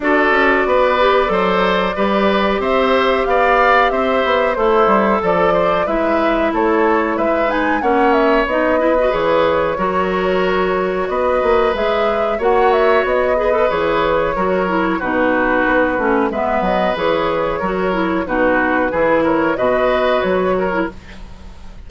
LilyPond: <<
  \new Staff \with { instrumentName = "flute" } { \time 4/4 \tempo 4 = 92 d''1 | e''4 f''4 e''4 c''4 | d''4 e''4 cis''4 e''8 gis''8 | fis''8 e''8 dis''4 cis''2~ |
cis''4 dis''4 e''4 fis''8 e''8 | dis''4 cis''2 b'4~ | b'4 e''8 dis''8 cis''2 | b'4. cis''8 dis''4 cis''4 | }
  \new Staff \with { instrumentName = "oboe" } { \time 4/4 a'4 b'4 c''4 b'4 | c''4 d''4 c''4 e'4 | a'8 c''8 b'4 a'4 b'4 | cis''4. b'4. ais'4~ |
ais'4 b'2 cis''4~ | cis''8 b'4. ais'4 fis'4~ | fis'4 b'2 ais'4 | fis'4 gis'8 ais'8 b'4. ais'8 | }
  \new Staff \with { instrumentName = "clarinet" } { \time 4/4 fis'4. g'8 a'4 g'4~ | g'2. a'4~ | a'4 e'2~ e'8 dis'8 | cis'4 dis'8 e'16 fis'16 gis'4 fis'4~ |
fis'2 gis'4 fis'4~ | fis'8 gis'16 a'16 gis'4 fis'8 e'8 dis'4~ | dis'8 cis'8 b4 gis'4 fis'8 e'8 | dis'4 e'4 fis'4.~ fis'16 e'16 | }
  \new Staff \with { instrumentName = "bassoon" } { \time 4/4 d'8 cis'8 b4 fis4 g4 | c'4 b4 c'8 b8 a8 g8 | f4 gis4 a4 gis4 | ais4 b4 e4 fis4~ |
fis4 b8 ais8 gis4 ais4 | b4 e4 fis4 b,4 | b8 a8 gis8 fis8 e4 fis4 | b,4 e4 b,4 fis4 | }
>>